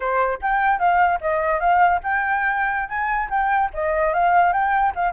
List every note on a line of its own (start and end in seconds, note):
0.00 0.38 C5
0.41 0.79 G5
0.79 1.19 F5
1.21 1.60 D#5
1.60 2.00 F5
2.03 2.88 G5
2.88 3.29 G#5
3.30 3.70 G5
3.73 4.13 D#5
4.13 4.52 F5
4.52 4.93 G5
4.95 5.12 F5